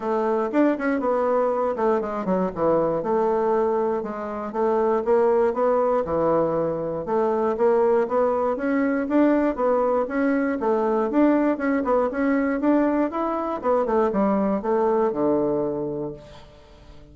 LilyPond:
\new Staff \with { instrumentName = "bassoon" } { \time 4/4 \tempo 4 = 119 a4 d'8 cis'8 b4. a8 | gis8 fis8 e4 a2 | gis4 a4 ais4 b4 | e2 a4 ais4 |
b4 cis'4 d'4 b4 | cis'4 a4 d'4 cis'8 b8 | cis'4 d'4 e'4 b8 a8 | g4 a4 d2 | }